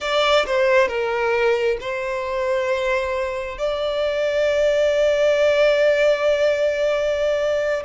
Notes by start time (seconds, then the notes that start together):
0.00 D5
0.46 C5
0.88 A#4
1.80 C5
3.57 D5